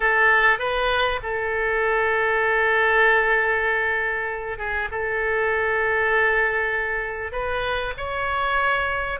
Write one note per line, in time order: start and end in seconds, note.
0.00 0.58 A4
0.58 1.20 B4
1.22 4.58 A4
4.58 4.88 G#4
4.91 7.32 A4
7.32 7.93 B4
7.97 9.19 C#5